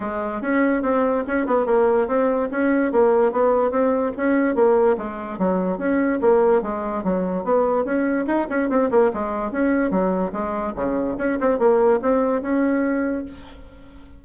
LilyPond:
\new Staff \with { instrumentName = "bassoon" } { \time 4/4 \tempo 4 = 145 gis4 cis'4 c'4 cis'8 b8 | ais4 c'4 cis'4 ais4 | b4 c'4 cis'4 ais4 | gis4 fis4 cis'4 ais4 |
gis4 fis4 b4 cis'4 | dis'8 cis'8 c'8 ais8 gis4 cis'4 | fis4 gis4 cis4 cis'8 c'8 | ais4 c'4 cis'2 | }